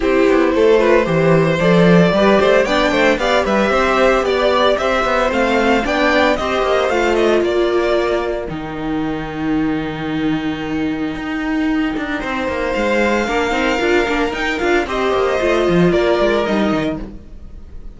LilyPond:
<<
  \new Staff \with { instrumentName = "violin" } { \time 4/4 \tempo 4 = 113 c''2. d''4~ | d''4 g''4 f''8 e''4. | d''4 e''4 f''4 g''4 | dis''4 f''8 dis''8 d''2 |
g''1~ | g''1 | f''2. g''8 f''8 | dis''2 d''4 dis''4 | }
  \new Staff \with { instrumentName = "violin" } { \time 4/4 g'4 a'8 b'8 c''2 | b'8 c''8 d''8 c''8 d''8 b'8 c''4 | d''4 c''2 d''4 | c''2 ais'2~ |
ais'1~ | ais'2. c''4~ | c''4 ais'2. | c''2 ais'2 | }
  \new Staff \with { instrumentName = "viola" } { \time 4/4 e'4. f'8 g'4 a'4 | g'4 d'4 g'2~ | g'2 c'4 d'4 | g'4 f'2. |
dis'1~ | dis'1~ | dis'4 d'8 dis'8 f'8 d'8 dis'8 f'8 | g'4 f'2 dis'4 | }
  \new Staff \with { instrumentName = "cello" } { \time 4/4 c'8 b8 a4 e4 f4 | g8 a8 b8 a8 b8 g8 c'4 | b4 c'8 b8 a4 b4 | c'8 ais8 a4 ais2 |
dis1~ | dis4 dis'4. d'8 c'8 ais8 | gis4 ais8 c'8 d'8 ais8 dis'8 d'8 | c'8 ais8 a8 f8 ais8 gis8 g8 dis8 | }
>>